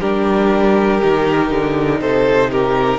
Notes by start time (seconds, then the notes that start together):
0.00 G3 D4 G4 A#4
1.03 D#3 D#4
1.50 D3
2.00 C3 A4 C5
2.51 G4 A#4